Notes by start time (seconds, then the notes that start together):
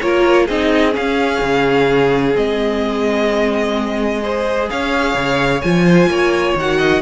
0.00 A#3 F4 A#4 C#5
0.45 C4 D#4 G#4 D#5
0.91 C#4 F5
0.97 C#4
1.41 C#3
2.34 G#3 C4 D#5
4.22 G#4 C5
4.69 C#4 C#5 F5
5.14 C#3
5.61 F3 F4 G#5
5.85 C5
6.07 A#3 C#5
6.55 D#3 F#4 F#5
6.78 D#5